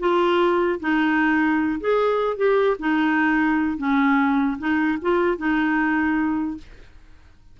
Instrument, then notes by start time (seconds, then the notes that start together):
clarinet
0.00 F4
0.80 D#4
1.81 G#4
2.37 G4
2.80 D#4
3.78 C#4
4.59 D#4
5.02 F4
5.38 D#4